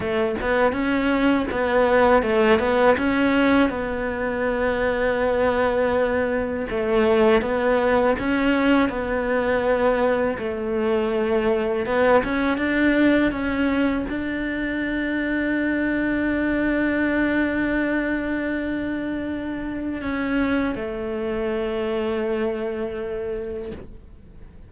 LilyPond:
\new Staff \with { instrumentName = "cello" } { \time 4/4 \tempo 4 = 81 a8 b8 cis'4 b4 a8 b8 | cis'4 b2.~ | b4 a4 b4 cis'4 | b2 a2 |
b8 cis'8 d'4 cis'4 d'4~ | d'1~ | d'2. cis'4 | a1 | }